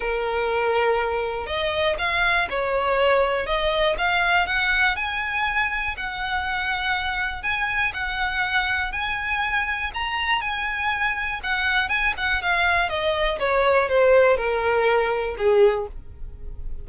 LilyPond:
\new Staff \with { instrumentName = "violin" } { \time 4/4 \tempo 4 = 121 ais'2. dis''4 | f''4 cis''2 dis''4 | f''4 fis''4 gis''2 | fis''2. gis''4 |
fis''2 gis''2 | ais''4 gis''2 fis''4 | gis''8 fis''8 f''4 dis''4 cis''4 | c''4 ais'2 gis'4 | }